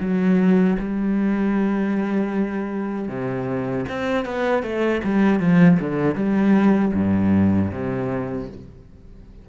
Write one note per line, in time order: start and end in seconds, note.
0.00 0.77 F#3
0.79 3.08 G3
3.08 3.85 C3
3.89 4.25 C4
4.25 4.63 B3
4.63 5.01 A3
5.04 5.40 G3
5.40 5.78 F3
5.80 6.15 D3
6.15 6.92 G3
6.94 7.71 G2
7.71 8.48 C3